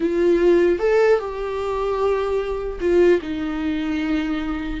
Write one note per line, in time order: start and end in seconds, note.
0.00 0.79 F4
0.79 1.19 A4
1.19 2.79 G4
2.80 3.20 F4
3.21 4.80 D#4